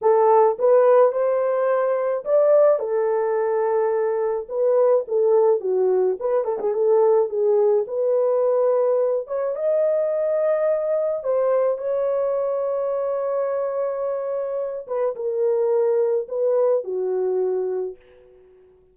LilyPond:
\new Staff \with { instrumentName = "horn" } { \time 4/4 \tempo 4 = 107 a'4 b'4 c''2 | d''4 a'2. | b'4 a'4 fis'4 b'8 a'16 gis'16 | a'4 gis'4 b'2~ |
b'8 cis''8 dis''2. | c''4 cis''2.~ | cis''2~ cis''8 b'8 ais'4~ | ais'4 b'4 fis'2 | }